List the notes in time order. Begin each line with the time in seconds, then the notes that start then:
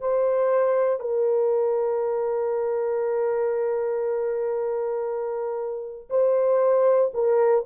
0.00 C5
1.00 A#4
6.10 C5
7.14 A#4